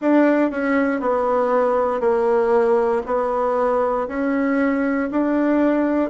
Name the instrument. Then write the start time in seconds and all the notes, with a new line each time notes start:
bassoon
0.01 D4
0.50 C#4
1.00 B3
2.00 A#3
3.06 B3
4.08 C#4
5.11 D4